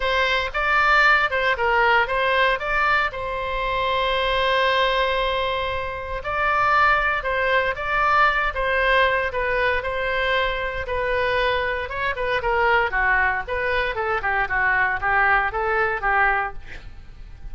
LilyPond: \new Staff \with { instrumentName = "oboe" } { \time 4/4 \tempo 4 = 116 c''4 d''4. c''8 ais'4 | c''4 d''4 c''2~ | c''1 | d''2 c''4 d''4~ |
d''8 c''4. b'4 c''4~ | c''4 b'2 cis''8 b'8 | ais'4 fis'4 b'4 a'8 g'8 | fis'4 g'4 a'4 g'4 | }